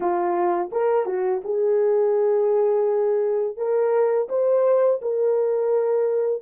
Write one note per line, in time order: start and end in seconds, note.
0.00 0.70 F4
0.71 1.05 A#4
1.05 1.41 F#4
1.44 3.56 G#4
3.56 4.28 A#4
4.29 5.00 C5
5.01 6.42 A#4